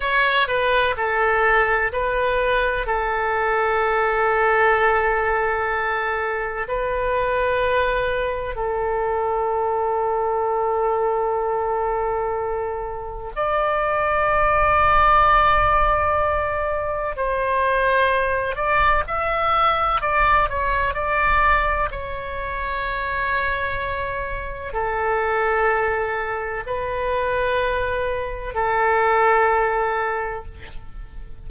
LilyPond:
\new Staff \with { instrumentName = "oboe" } { \time 4/4 \tempo 4 = 63 cis''8 b'8 a'4 b'4 a'4~ | a'2. b'4~ | b'4 a'2.~ | a'2 d''2~ |
d''2 c''4. d''8 | e''4 d''8 cis''8 d''4 cis''4~ | cis''2 a'2 | b'2 a'2 | }